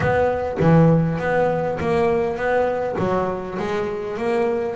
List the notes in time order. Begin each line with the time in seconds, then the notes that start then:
0.00 B3
0.59 E3
1.19 B3
1.80 A#3
2.36 B3
2.98 F#3
3.58 G#3
4.17 A#3